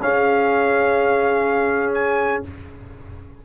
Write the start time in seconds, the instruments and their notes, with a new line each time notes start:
0.00 tuba C#4, trombone C#4, horn G#4, trumpet F5
1.94 trumpet G#5